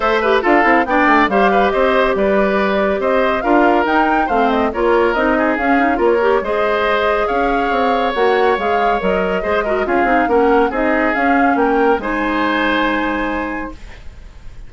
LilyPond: <<
  \new Staff \with { instrumentName = "flute" } { \time 4/4 \tempo 4 = 140 e''4 f''4 g''4 f''4 | dis''4 d''2 dis''4 | f''4 g''4 f''8 dis''8 cis''4 | dis''4 f''4 cis''4 dis''4~ |
dis''4 f''2 fis''4 | f''4 dis''2 f''4 | fis''4 dis''4 f''4 g''4 | gis''1 | }
  \new Staff \with { instrumentName = "oboe" } { \time 4/4 c''8 b'8 a'4 d''4 c''8 b'8 | c''4 b'2 c''4 | ais'2 c''4 ais'4~ | ais'8 gis'4. ais'4 c''4~ |
c''4 cis''2.~ | cis''2 c''8 ais'8 gis'4 | ais'4 gis'2 ais'4 | c''1 | }
  \new Staff \with { instrumentName = "clarinet" } { \time 4/4 a'8 g'8 f'8 e'8 d'4 g'4~ | g'1 | f'4 dis'4 c'4 f'4 | dis'4 cis'8 dis'8 f'8 g'8 gis'4~ |
gis'2. fis'4 | gis'4 ais'4 gis'8 fis'8 f'8 dis'8 | cis'4 dis'4 cis'2 | dis'1 | }
  \new Staff \with { instrumentName = "bassoon" } { \time 4/4 a4 d'8 c'8 b8 a8 g4 | c'4 g2 c'4 | d'4 dis'4 a4 ais4 | c'4 cis'4 ais4 gis4~ |
gis4 cis'4 c'4 ais4 | gis4 fis4 gis4 cis'8 c'8 | ais4 c'4 cis'4 ais4 | gis1 | }
>>